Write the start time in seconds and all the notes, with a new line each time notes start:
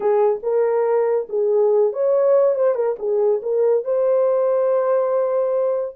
0.00 G#4
0.43 A#4
1.29 G#4
1.92 C#5
2.55 C5
2.74 A#4
2.98 G#4
3.42 A#4
3.84 C5